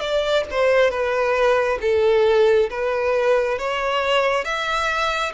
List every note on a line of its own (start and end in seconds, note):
0.00 0.44 D5
0.51 0.90 C5
0.90 1.78 B4
1.81 2.70 A4
2.70 3.59 B4
3.59 4.44 C#5
4.44 5.33 E5